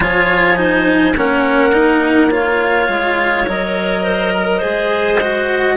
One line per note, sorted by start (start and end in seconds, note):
0.00 1.15 F3
0.00 0.56 F4
0.00 0.58 C#5
0.00 1.17 G#5
0.56 1.13 D#4
0.56 1.16 C5
1.16 2.88 A#3
1.16 1.72 C#4
1.16 2.31 A#4
1.16 2.32 F#5
1.72 2.30 D#4
2.30 3.46 F4
2.30 4.03 C#5
2.30 3.48 F5
2.88 3.46 G#3
3.46 4.63 F#3
3.46 4.61 A#4
3.46 5.77 D#5
4.03 4.32 C5
4.35 4.58 A#4
4.58 5.77 G#3
4.58 5.19 G#4
4.58 5.73 C5
5.20 5.77 F#4